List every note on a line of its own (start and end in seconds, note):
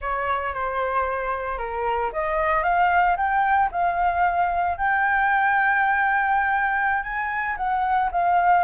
0.01 0.53 C#5
0.53 1.58 C5
1.58 2.11 A#4
2.12 2.63 D#5
2.63 3.16 F5
3.17 3.70 G5
3.71 4.77 F5
4.77 7.03 G5
7.03 7.56 G#5
7.56 8.09 F#5
8.11 8.64 F5